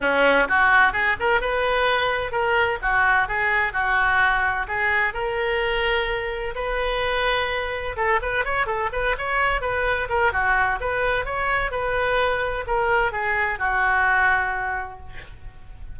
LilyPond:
\new Staff \with { instrumentName = "oboe" } { \time 4/4 \tempo 4 = 128 cis'4 fis'4 gis'8 ais'8 b'4~ | b'4 ais'4 fis'4 gis'4 | fis'2 gis'4 ais'4~ | ais'2 b'2~ |
b'4 a'8 b'8 cis''8 a'8 b'8 cis''8~ | cis''8 b'4 ais'8 fis'4 b'4 | cis''4 b'2 ais'4 | gis'4 fis'2. | }